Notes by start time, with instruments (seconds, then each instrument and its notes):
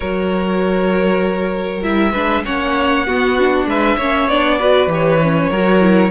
0.00 cello F#3, viola F#4, violin A#4 C#5
1.82 cello G3, viola E4, violin E5
2.12 cello G#3, viola D4, violin B4
2.45 cello A#3, viola C#4, violin C#5 F#5
3.06 cello B3, viola B3, violin F#4
3.39 viola D4
3.66 cello G#3, violin B4 E5
3.97 cello A#3, viola C#4, violin C#5
4.27 cello B3, viola D4, violin D5
4.58 viola F#4, violin B4
4.86 cello E3, viola G4
4.94 violin C#5
5.22 viola C#4
5.50 cello F#3, viola F#4, violin A#4
5.80 viola E4